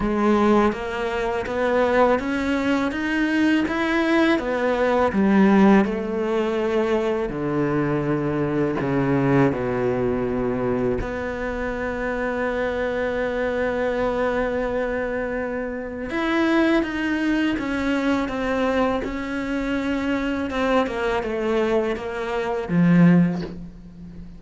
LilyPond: \new Staff \with { instrumentName = "cello" } { \time 4/4 \tempo 4 = 82 gis4 ais4 b4 cis'4 | dis'4 e'4 b4 g4 | a2 d2 | cis4 b,2 b4~ |
b1~ | b2 e'4 dis'4 | cis'4 c'4 cis'2 | c'8 ais8 a4 ais4 f4 | }